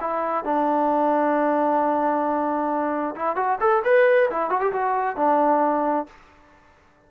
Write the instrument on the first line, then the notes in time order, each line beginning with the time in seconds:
trombone
0.00 E4
0.44 D4
3.15 E4
3.36 F#4
3.60 A4
3.84 B4
4.30 E4
4.49 F#4
4.60 G4
4.72 F#4
5.16 D4